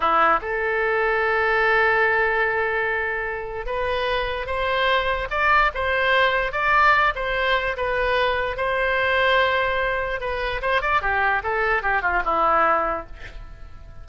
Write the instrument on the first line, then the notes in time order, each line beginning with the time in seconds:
oboe
0.00 E4
0.41 A4
3.66 B4
4.46 C5
5.30 D5
5.74 C5
6.52 D5
7.15 C5
7.77 B4
8.57 C5
10.20 B4
10.61 C5
10.81 D5
11.01 G4
11.43 A4
11.82 G4
12.01 F4
12.24 E4